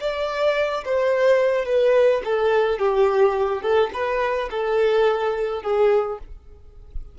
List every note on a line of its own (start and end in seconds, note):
0.00 0.84 D5
0.85 1.65 C5
1.65 2.21 B4
2.24 2.79 A4
2.79 3.62 G4
3.62 3.90 A4
3.93 4.49 B4
4.50 5.62 A4
5.62 6.18 G#4